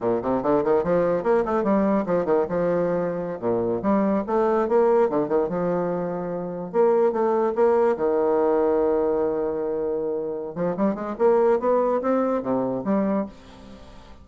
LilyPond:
\new Staff \with { instrumentName = "bassoon" } { \time 4/4 \tempo 4 = 145 ais,8 c8 d8 dis8 f4 ais8 a8 | g4 f8 dis8 f2~ | f16 ais,4 g4 a4 ais8.~ | ais16 d8 dis8 f2~ f8.~ |
f16 ais4 a4 ais4 dis8.~ | dis1~ | dis4. f8 g8 gis8 ais4 | b4 c'4 c4 g4 | }